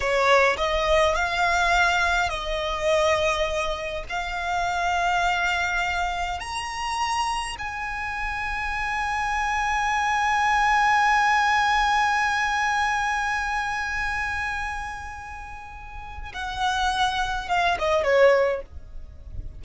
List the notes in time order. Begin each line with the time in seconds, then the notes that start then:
0.00 C#5
0.57 D#5
1.15 F5
2.29 D#5
4.09 F5
6.39 A#5
7.58 G#5
16.33 F#5
17.48 F5
17.79 D#5
18.03 C#5